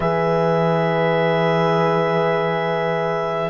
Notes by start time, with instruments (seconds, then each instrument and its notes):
0.00 cello E3, horn G#4 B4, clarinet E5